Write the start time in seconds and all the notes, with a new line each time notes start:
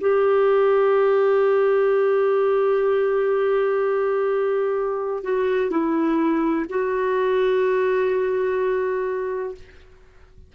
0.00 G4
5.23 F#4
5.71 E4
6.69 F#4